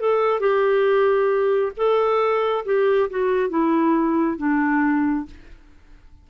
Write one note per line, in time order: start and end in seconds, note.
0.00 0.40 A4
0.40 1.72 G4
1.77 2.65 A4
2.65 3.09 G4
3.10 3.50 F#4
3.50 4.38 E4
4.38 5.26 D4